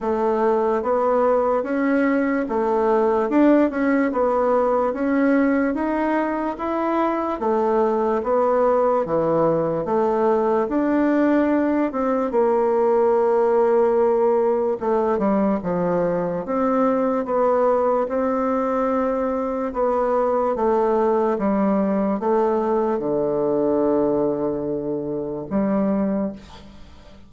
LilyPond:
\new Staff \with { instrumentName = "bassoon" } { \time 4/4 \tempo 4 = 73 a4 b4 cis'4 a4 | d'8 cis'8 b4 cis'4 dis'4 | e'4 a4 b4 e4 | a4 d'4. c'8 ais4~ |
ais2 a8 g8 f4 | c'4 b4 c'2 | b4 a4 g4 a4 | d2. g4 | }